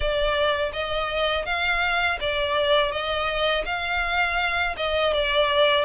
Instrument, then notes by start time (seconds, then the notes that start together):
violin
0.00 D5
0.73 D#5
1.45 F5
2.20 D5
2.91 D#5
3.66 F5
4.76 D#5
5.13 D5